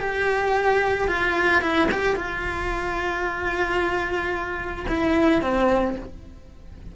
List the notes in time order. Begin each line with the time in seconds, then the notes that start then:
0.00 G4
1.08 F4
1.62 E4
1.91 G4
2.16 F4
4.88 E4
5.42 C4